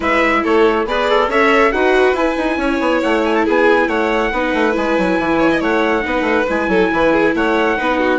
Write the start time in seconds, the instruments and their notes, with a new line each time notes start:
0.00 bassoon G#3, viola E4, violin B4, trumpet E5
0.43 bassoon A3, violin A4, trumpet C#5
0.85 bassoon B3, viola G#4, trumpet B4, violin D5
1.09 trumpet A4
1.28 bassoon C#4, viola A4, violin C#5, trumpet E5
1.71 bassoon D#4, viola F#4, violin B4, trumpet F#5
2.12 bassoon E4, viola E4, trumpet G#5
2.37 bassoon D#4
2.57 bassoon C#4, violin C#5
2.79 bassoon B3
3.02 bassoon A3, trumpet F#5
3.24 trumpet G#5
3.34 trumpet A5
3.44 bassoon B3, violin G#4, trumpet G#5
3.87 bassoon A3, violin C#5, trumpet F#5
4.32 bassoon B3, viola D#4, violin B4
4.53 bassoon A3
4.72 bassoon G#3, viola E4, trumpet G#5
4.97 bassoon F#3
5.18 bassoon E3
5.39 violin C#5
5.50 violin D#5
5.60 bassoon A3, violin C#5, trumpet F#5
6.01 bassoon B3, viola D#4, violin B4
6.21 bassoon A3
6.49 bassoon G#3, viola E4, trumpet G#5
6.68 bassoon F#3, violin A4
6.92 bassoon E3, violin B4
7.13 violin G#4
7.34 bassoon A3, violin C#5, trumpet F#5
7.77 bassoon B3, viola D#4, violin B4
7.99 violin F#4